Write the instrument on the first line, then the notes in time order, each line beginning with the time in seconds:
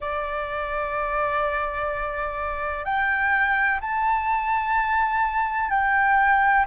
flute
0.00 D5
2.84 G5
3.81 A5
5.70 G5